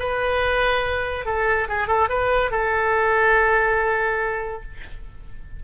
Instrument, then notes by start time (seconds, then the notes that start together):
oboe
0.00 B4
1.26 A4
1.69 G#4
1.88 A4
2.10 B4
2.52 A4